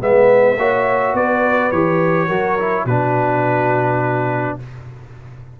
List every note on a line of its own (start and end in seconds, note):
0.00 0.57 G#3
0.00 0.57 B3
0.00 0.58 B4
0.00 1.16 E5
0.57 1.13 A#3
0.57 1.73 F#4
0.57 1.15 C#5
1.13 1.71 B3
1.13 2.27 B4
1.13 1.71 D5
1.71 2.29 E3
1.71 2.30 G4
1.71 2.86 C#5
2.27 2.85 F#3
2.27 2.58 F#4
2.27 2.84 A#4
2.59 2.88 E4
2.85 4.56 B2
2.85 4.60 D4
2.85 4.57 F#4
2.85 4.58 B4